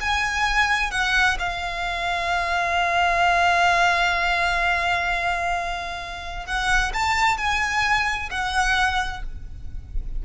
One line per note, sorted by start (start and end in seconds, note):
0.00 0.91 G#5
0.91 1.37 F#5
1.39 6.46 F5
6.46 6.92 F#5
6.93 7.37 A5
7.37 8.29 G#5
8.30 9.23 F#5